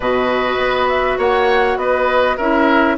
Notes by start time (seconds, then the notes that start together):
0.00 B2 F#4 B4 D#5
0.57 B3
0.88 E5
1.18 A#3 C#5 F#5
1.76 B3 B4 D#5
2.36 C#4 E4 A#4 E5